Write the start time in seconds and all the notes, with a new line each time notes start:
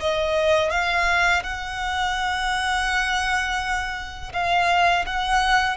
0.00 D#5
0.71 F5
1.43 F#5
4.33 F5
5.06 F#5